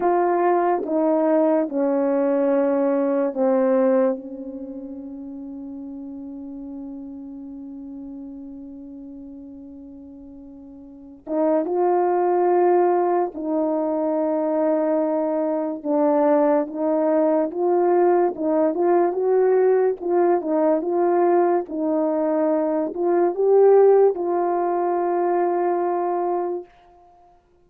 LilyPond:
\new Staff \with { instrumentName = "horn" } { \time 4/4 \tempo 4 = 72 f'4 dis'4 cis'2 | c'4 cis'2.~ | cis'1~ | cis'4. dis'8 f'2 |
dis'2. d'4 | dis'4 f'4 dis'8 f'8 fis'4 | f'8 dis'8 f'4 dis'4. f'8 | g'4 f'2. | }